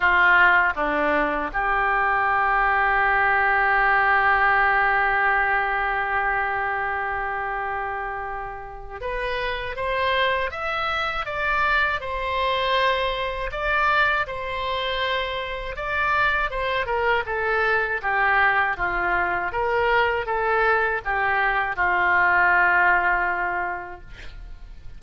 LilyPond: \new Staff \with { instrumentName = "oboe" } { \time 4/4 \tempo 4 = 80 f'4 d'4 g'2~ | g'1~ | g'1 | b'4 c''4 e''4 d''4 |
c''2 d''4 c''4~ | c''4 d''4 c''8 ais'8 a'4 | g'4 f'4 ais'4 a'4 | g'4 f'2. | }